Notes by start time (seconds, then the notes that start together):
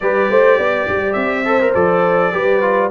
0.00 G3 G4 B4 D5
0.29 A3 C5
0.57 B3 D5
0.88 G3
1.12 C4 E5
1.45 A4 C5
1.60 A#4
1.74 F3 A4 D5
2.32 G3 G4 B4
2.61 F4